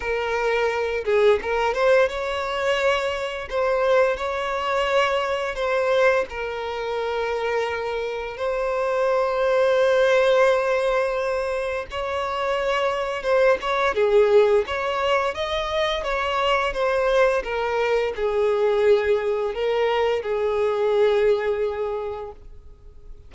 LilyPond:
\new Staff \with { instrumentName = "violin" } { \time 4/4 \tempo 4 = 86 ais'4. gis'8 ais'8 c''8 cis''4~ | cis''4 c''4 cis''2 | c''4 ais'2. | c''1~ |
c''4 cis''2 c''8 cis''8 | gis'4 cis''4 dis''4 cis''4 | c''4 ais'4 gis'2 | ais'4 gis'2. | }